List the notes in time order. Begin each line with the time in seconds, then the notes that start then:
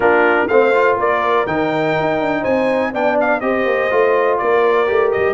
0.00 A#3 D4 F4 A#4
0.48 A3 C4 C5 F5
0.73 F4
0.97 A#3 A#4 D5
1.46 D#3 D#4 G5
2.00 D#4
2.20 D4
2.41 C4 C5 G#5
2.92 B3 D4 D5 G5
3.20 F5
3.40 C4 G4 C5 D#5
3.65 A#3
3.90 A3 F4
4.38 A#3 A#4 D5
4.86 A3 G4
5.11 G3 D#5